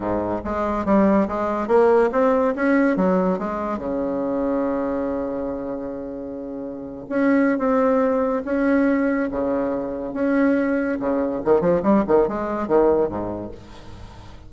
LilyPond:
\new Staff \with { instrumentName = "bassoon" } { \time 4/4 \tempo 4 = 142 gis,4 gis4 g4 gis4 | ais4 c'4 cis'4 fis4 | gis4 cis2.~ | cis1~ |
cis8. cis'4~ cis'16 c'2 | cis'2 cis2 | cis'2 cis4 dis8 f8 | g8 dis8 gis4 dis4 gis,4 | }